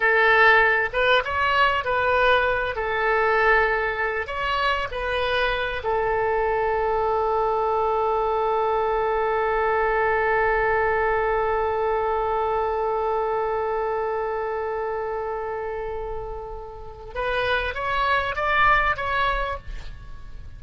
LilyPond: \new Staff \with { instrumentName = "oboe" } { \time 4/4 \tempo 4 = 98 a'4. b'8 cis''4 b'4~ | b'8 a'2~ a'8 cis''4 | b'4. a'2~ a'8~ | a'1~ |
a'1~ | a'1~ | a'1 | b'4 cis''4 d''4 cis''4 | }